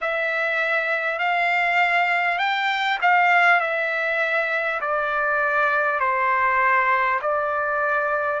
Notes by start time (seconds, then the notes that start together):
0.01 E5
1.18 F5
2.38 G5
3.01 F5
3.60 E5
4.80 D5
6.00 C5
7.21 D5